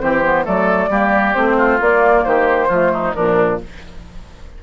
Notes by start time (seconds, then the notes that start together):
0.00 E3 C4 G4 C5
0.23 B3
0.44 F#3 A3 A4 D5
0.89 G3 A#3 G4
1.34 A3 C4 C5
1.57 F4
1.80 A#3 D5
2.24 D#3 G4 C5
2.68 F3 A3 F4
2.93 D#4
3.14 A#2 F3 D4 A#4